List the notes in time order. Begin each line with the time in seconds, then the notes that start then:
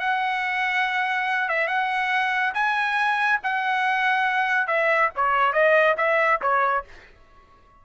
0.00 F#5
1.49 E5
1.68 F#5
2.54 G#5
3.44 F#5
4.68 E5
5.16 C#5
5.53 D#5
5.98 E5
6.42 C#5